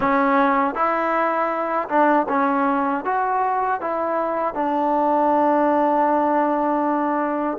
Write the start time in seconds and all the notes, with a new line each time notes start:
0.00 C#4
0.74 E4
1.88 D4
2.28 C#4
3.04 F#4
3.80 E4
4.54 D4